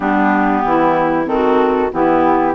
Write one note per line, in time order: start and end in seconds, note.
0.00 0.63 G3
0.00 1.25 B3
0.00 0.63 D4
0.00 1.26 G4
0.64 1.26 E3
0.64 1.31 E4
1.25 1.90 D#3
1.25 1.89 C4
1.25 1.91 A4
1.32 1.93 F#4
1.92 2.54 E3
1.92 2.54 B3
1.92 2.54 E4
1.92 2.54 G4